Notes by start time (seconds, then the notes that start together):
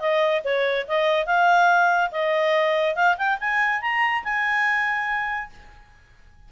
0.00 D#5
0.45 C#5
0.88 D#5
1.26 F5
2.12 D#5
2.96 F5
3.17 G5
3.41 G#5
3.81 A#5
4.24 G#5